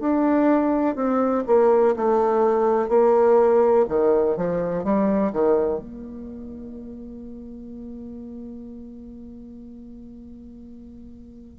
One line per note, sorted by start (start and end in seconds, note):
0.00 0.96 D4
0.96 1.44 C4
1.47 1.95 A#3
1.97 2.89 A3
2.89 3.86 A#3
3.89 4.37 D#3
4.37 4.84 F3
4.84 5.33 G3
5.33 5.79 D#3
5.79 11.59 A#3